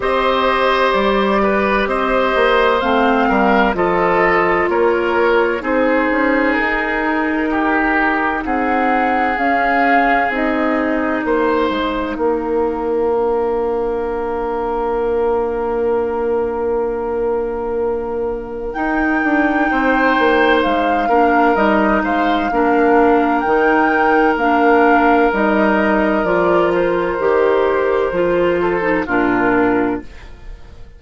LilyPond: <<
  \new Staff \with { instrumentName = "flute" } { \time 4/4 \tempo 4 = 64 dis''4 d''4 dis''4 f''4 | dis''4 cis''4 c''4 ais'4~ | ais'4 fis''4 f''4 dis''4 | f''1~ |
f''1 | g''2 f''4 dis''8 f''8~ | f''4 g''4 f''4 dis''4 | d''8 c''2~ c''8 ais'4 | }
  \new Staff \with { instrumentName = "oboe" } { \time 4/4 c''4. b'8 c''4. ais'8 | a'4 ais'4 gis'2 | g'4 gis'2. | c''4 ais'2.~ |
ais'1~ | ais'4 c''4. ais'4 c''8 | ais'1~ | ais'2~ ais'8 a'8 f'4 | }
  \new Staff \with { instrumentName = "clarinet" } { \time 4/4 g'2. c'4 | f'2 dis'2~ | dis'2 cis'4 dis'4~ | dis'2 d'2~ |
d'1 | dis'2~ dis'8 d'8 dis'4 | d'4 dis'4 d'4 dis'4 | f'4 g'4 f'8. dis'16 d'4 | }
  \new Staff \with { instrumentName = "bassoon" } { \time 4/4 c'4 g4 c'8 ais8 a8 g8 | f4 ais4 c'8 cis'8 dis'4~ | dis'4 c'4 cis'4 c'4 | ais8 gis8 ais2.~ |
ais1 | dis'8 d'8 c'8 ais8 gis8 ais8 g8 gis8 | ais4 dis4 ais4 g4 | f4 dis4 f4 ais,4 | }
>>